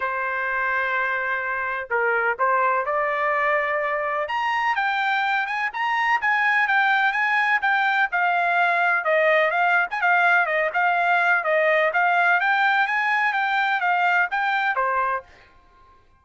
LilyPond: \new Staff \with { instrumentName = "trumpet" } { \time 4/4 \tempo 4 = 126 c''1 | ais'4 c''4 d''2~ | d''4 ais''4 g''4. gis''8 | ais''4 gis''4 g''4 gis''4 |
g''4 f''2 dis''4 | f''8. gis''16 f''4 dis''8 f''4. | dis''4 f''4 g''4 gis''4 | g''4 f''4 g''4 c''4 | }